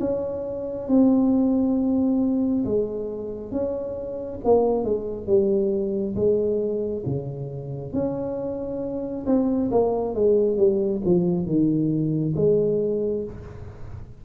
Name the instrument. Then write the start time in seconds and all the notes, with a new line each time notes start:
tuba
0.00 C#4
0.88 C4
2.65 G#3
3.52 C#4
4.44 A#3
4.84 G#3
5.27 G3
6.16 G#3
7.06 C#3
7.93 C#4
9.26 C4
9.71 A#3
10.15 G#3
10.57 G3
11.05 F3
11.46 D#3
12.36 G#3